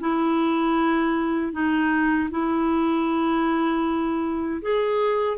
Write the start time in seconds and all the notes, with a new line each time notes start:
0.00 E4
1.52 D#4
2.31 E4
4.62 G#4